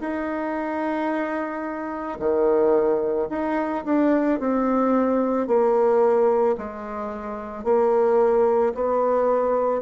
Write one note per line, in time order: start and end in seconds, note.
0.00 2.18 D#4
2.19 3.28 D#3
3.30 3.84 D#4
3.85 4.39 D4
4.40 5.47 C4
5.47 6.56 A#3
6.58 7.64 G#3
7.64 8.73 A#3
8.74 9.81 B3